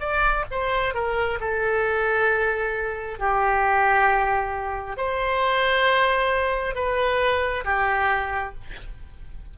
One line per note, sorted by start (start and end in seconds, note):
0.00 0.45 D5
0.51 0.94 C5
0.94 1.39 A#4
1.40 3.19 A4
3.19 4.97 G4
4.97 6.75 C5
6.75 7.64 B4
7.65 8.54 G4